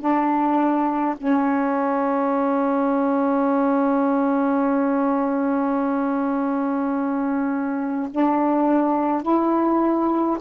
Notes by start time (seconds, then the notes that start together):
0.00 D4
1.17 C#4
8.11 D4
9.22 E4